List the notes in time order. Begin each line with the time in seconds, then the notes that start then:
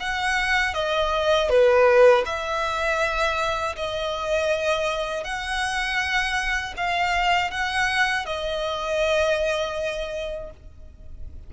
0.00 F#5
0.74 D#5
1.49 B4
2.25 E5
3.76 D#5
5.24 F#5
6.77 F5
7.51 F#5
8.25 D#5